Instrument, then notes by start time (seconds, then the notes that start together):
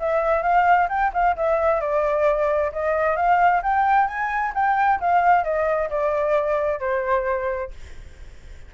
flute
0.00 E5
0.43 F5
0.89 G5
1.14 F5
1.37 E5
1.81 D5
2.73 D#5
3.17 F5
3.63 G5
4.08 G#5
4.55 G5
5.01 F5
5.44 D#5
5.90 D5
6.80 C5